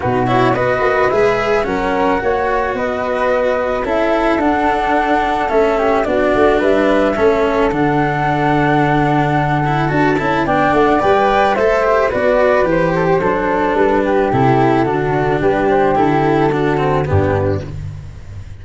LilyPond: <<
  \new Staff \with { instrumentName = "flute" } { \time 4/4 \tempo 4 = 109 b'8 cis''8 dis''4 e''4 fis''4~ | fis''4 dis''2 e''4 | fis''2 e''4 d''4 | e''2 fis''2~ |
fis''2 a''4 g''8 fis''8 | g''4 e''4 d''4 c''4~ | c''4 b'4 a'2 | b'8 c''8 a'2 g'4 | }
  \new Staff \with { instrumentName = "flute" } { \time 4/4 fis'4 b'2 ais'4 | cis''4 b'2 a'4~ | a'2~ a'8 g'8 fis'4 | b'4 a'2.~ |
a'2. d''4~ | d''4 c''4 b'4. a'16 g'16 | a'4. g'4. fis'4 | g'2 fis'4 d'4 | }
  \new Staff \with { instrumentName = "cello" } { \time 4/4 dis'8 e'8 fis'4 gis'4 cis'4 | fis'2. e'4 | d'2 cis'4 d'4~ | d'4 cis'4 d'2~ |
d'4. e'8 fis'8 e'8 d'4 | b'4 a'8 g'8 fis'4 g'4 | d'2 e'4 d'4~ | d'4 e'4 d'8 c'8 b4 | }
  \new Staff \with { instrumentName = "tuba" } { \time 4/4 b,4 b8 ais8 gis4 fis4 | ais4 b2 cis'4 | d'2 a4 b8 a8 | g4 a4 d2~ |
d2 d'8 cis'8 b8 a8 | g4 a4 b4 e4 | fis4 g4 c4 d4 | g4 d2 g,4 | }
>>